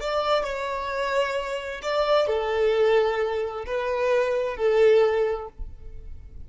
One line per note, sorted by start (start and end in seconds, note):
0.00 0.44 D5
0.44 1.81 C#5
1.82 2.27 D5
2.27 3.65 A4
3.66 4.56 B4
4.56 5.48 A4